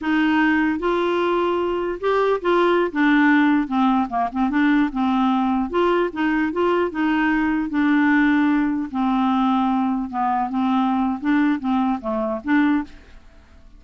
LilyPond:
\new Staff \with { instrumentName = "clarinet" } { \time 4/4 \tempo 4 = 150 dis'2 f'2~ | f'4 g'4 f'4~ f'16 d'8.~ | d'4~ d'16 c'4 ais8 c'8 d'8.~ | d'16 c'2 f'4 dis'8.~ |
dis'16 f'4 dis'2 d'8.~ | d'2~ d'16 c'4.~ c'16~ | c'4~ c'16 b4 c'4.~ c'16 | d'4 c'4 a4 d'4 | }